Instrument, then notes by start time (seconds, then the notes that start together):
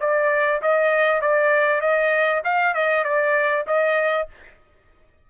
trumpet
0.00 D5
0.62 D#5
1.21 D5
1.81 D#5
2.44 F5
2.74 D#5
3.04 D5
3.67 D#5